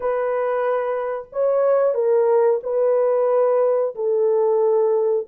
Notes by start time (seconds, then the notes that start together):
0.00 B4
1.32 C#5
1.94 A#4
2.63 B4
3.95 A4